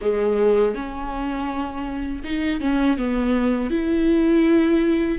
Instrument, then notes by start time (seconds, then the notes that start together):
viola
0.01 G#3
0.74 C#4
2.24 D#4
2.60 C#4
2.97 B3
3.70 E4